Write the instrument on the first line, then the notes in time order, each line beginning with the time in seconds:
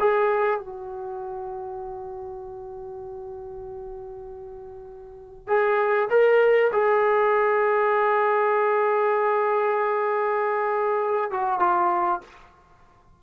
trombone
0.00 G#4
0.60 F#4
5.48 G#4
6.10 A#4
6.73 G#4
11.31 F#4
11.60 F4